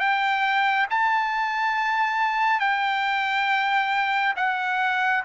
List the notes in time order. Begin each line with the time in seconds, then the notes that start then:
0.00 G5
0.91 A5
2.60 G5
4.37 F#5